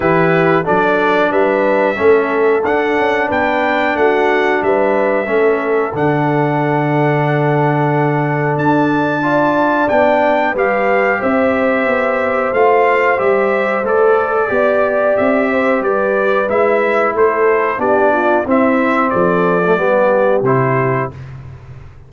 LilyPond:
<<
  \new Staff \with { instrumentName = "trumpet" } { \time 4/4 \tempo 4 = 91 b'4 d''4 e''2 | fis''4 g''4 fis''4 e''4~ | e''4 fis''2.~ | fis''4 a''2 g''4 |
f''4 e''2 f''4 | e''4 d''2 e''4 | d''4 e''4 c''4 d''4 | e''4 d''2 c''4 | }
  \new Staff \with { instrumentName = "horn" } { \time 4/4 g'4 a'4 b'4 a'4~ | a'4 b'4 fis'4 b'4 | a'1~ | a'2 d''2 |
b'4 c''2.~ | c''2 d''4. c''8 | b'2 a'4 g'8 f'8 | e'4 a'4 g'2 | }
  \new Staff \with { instrumentName = "trombone" } { \time 4/4 e'4 d'2 cis'4 | d'1 | cis'4 d'2.~ | d'2 f'4 d'4 |
g'2. f'4 | g'4 a'4 g'2~ | g'4 e'2 d'4 | c'4.~ c'16 a16 b4 e'4 | }
  \new Staff \with { instrumentName = "tuba" } { \time 4/4 e4 fis4 g4 a4 | d'8 cis'8 b4 a4 g4 | a4 d2.~ | d4 d'2 b4 |
g4 c'4 b4 a4 | g4 a4 b4 c'4 | g4 gis4 a4 b4 | c'4 f4 g4 c4 | }
>>